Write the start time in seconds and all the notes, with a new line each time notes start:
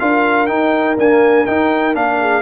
0.00 D4 F4 A#4 F5
0.47 D#4 G5
0.98 A#3 D4 G#5
1.46 D#4 G5
1.94 A#3 D4 F5
2.20 G#4